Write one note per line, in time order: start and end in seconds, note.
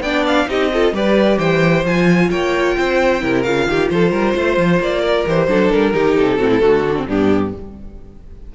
0.00 0.45 B3
0.00 0.48 D4
0.00 0.48 D5
0.00 0.24 G5
0.26 0.49 F5
0.48 0.92 C4
0.48 0.70 D#4
0.48 0.71 G4
0.48 0.95 D#5
0.73 0.93 F4
0.73 0.94 A4
0.92 1.38 G3
0.92 1.84 G4
0.92 1.38 B4
0.92 1.38 D5
1.38 1.84 E3
1.38 2.29 C5
1.38 1.84 G5
1.84 2.29 F3
1.84 3.21 F4
1.84 2.30 G#5
2.30 2.76 A#3
2.30 2.76 C#5
2.30 3.42 G5
2.78 3.23 C4
2.78 3.22 C5
3.21 3.45 C3
3.21 3.43 E4
3.21 3.68 A#4
3.42 3.66 C#3
3.42 5.26 F4
3.42 3.88 F5
3.66 3.89 D#3
3.66 3.92 G4
3.90 4.11 F3
3.90 4.11 A4
3.90 4.81 C5
4.11 4.34 G3
4.11 4.34 A#4
4.35 4.57 A3
4.35 5.01 C5
4.57 4.79 F3
4.79 5.24 A#3
4.79 5.27 D5
5.01 5.47 A#4
5.26 5.47 E3
5.26 5.48 G4
5.26 5.71 C5
5.47 5.70 F#3
5.47 5.93 D4
5.47 5.93 A4
5.71 5.94 G3
5.71 6.17 A#4
5.93 6.17 D#3
5.93 6.38 D#4
5.93 6.38 G4
6.17 6.38 C3
6.17 7.08 A4
6.38 6.60 A2
6.38 6.60 C4
6.38 6.50 F#4
6.51 6.61 E4
6.60 7.06 D3
6.60 6.83 A3
6.60 7.06 F#4
6.88 6.96 D4
6.96 7.08 C4
7.07 7.53 G2
7.07 7.54 B3
7.07 7.53 D4
7.07 7.55 G4